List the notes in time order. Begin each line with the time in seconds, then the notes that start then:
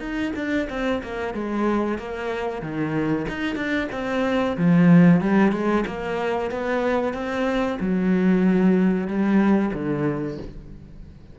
0.00 D#4
0.35 D4
0.70 C4
1.03 A#3
1.34 G#3
1.98 A#3
2.62 D#3
3.28 D#4
3.55 D4
3.92 C4
4.57 F3
5.21 G3
5.52 G#3
5.87 A#3
6.51 B3
7.14 C4
7.80 F#3
9.08 G3
9.74 D3